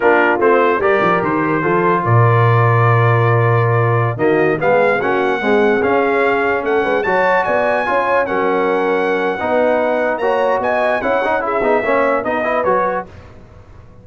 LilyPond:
<<
  \new Staff \with { instrumentName = "trumpet" } { \time 4/4 \tempo 4 = 147 ais'4 c''4 d''4 c''4~ | c''4 d''2.~ | d''2~ d''16 dis''4 f''8.~ | f''16 fis''2 f''4.~ f''16~ |
f''16 fis''4 a''4 gis''4.~ gis''16~ | gis''16 fis''2.~ fis''8.~ | fis''4 ais''4 gis''4 fis''4 | e''2 dis''4 cis''4 | }
  \new Staff \with { instrumentName = "horn" } { \time 4/4 f'2 ais'2 | a'4 ais'2.~ | ais'2~ ais'16 fis'4 gis'8.~ | gis'16 fis'4 gis'2~ gis'8.~ |
gis'16 a'8 b'8 cis''4 d''4 cis''8.~ | cis''16 ais'2~ ais'8. b'4~ | b'4 cis''4 dis''4 cis''4 | gis'4 cis''4 b'2 | }
  \new Staff \with { instrumentName = "trombone" } { \time 4/4 d'4 c'4 g'2 | f'1~ | f'2~ f'16 ais4 b8.~ | b16 cis'4 gis4 cis'4.~ cis'16~ |
cis'4~ cis'16 fis'2 f'8.~ | f'16 cis'2~ cis'8. dis'4~ | dis'4 fis'2 e'8 dis'8 | e'8 dis'8 cis'4 dis'8 e'8 fis'4 | }
  \new Staff \with { instrumentName = "tuba" } { \time 4/4 ais4 a4 g8 f8 dis4 | f4 ais,2.~ | ais,2~ ais,16 dis4 gis8.~ | gis16 ais4 c'4 cis'4.~ cis'16~ |
cis'16 a8 gis8 fis4 b4 cis'8.~ | cis'16 fis2~ fis8. b4~ | b4 ais4 b4 cis'4~ | cis'8 b8 ais4 b4 fis4 | }
>>